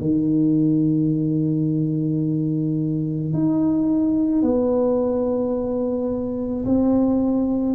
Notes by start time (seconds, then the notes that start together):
0.00 D#3
3.33 D#4
4.42 B3
6.65 C4